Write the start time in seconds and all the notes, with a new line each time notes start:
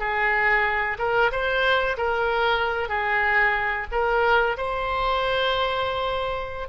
0.00 G#4
0.99 A#4
1.32 C5
1.97 A#4
2.89 G#4
3.92 A#4
4.57 C5